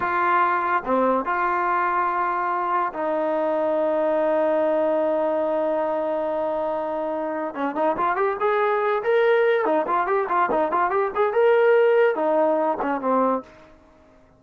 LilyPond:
\new Staff \with { instrumentName = "trombone" } { \time 4/4 \tempo 4 = 143 f'2 c'4 f'4~ | f'2. dis'4~ | dis'1~ | dis'1~ |
dis'2 cis'8 dis'8 f'8 g'8 | gis'4. ais'4. dis'8 f'8 | g'8 f'8 dis'8 f'8 g'8 gis'8 ais'4~ | ais'4 dis'4. cis'8 c'4 | }